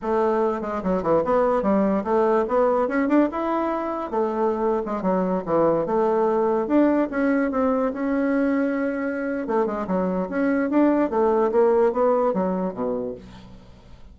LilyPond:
\new Staff \with { instrumentName = "bassoon" } { \time 4/4 \tempo 4 = 146 a4. gis8 fis8 e8 b4 | g4 a4 b4 cis'8 d'8 | e'2 a4.~ a16 gis16~ | gis16 fis4 e4 a4.~ a16~ |
a16 d'4 cis'4 c'4 cis'8.~ | cis'2. a8 gis8 | fis4 cis'4 d'4 a4 | ais4 b4 fis4 b,4 | }